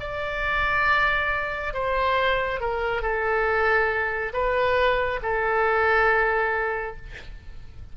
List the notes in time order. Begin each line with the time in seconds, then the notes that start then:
0.00 D5
1.73 C5
2.60 A#4
3.02 A4
4.33 B4
5.22 A4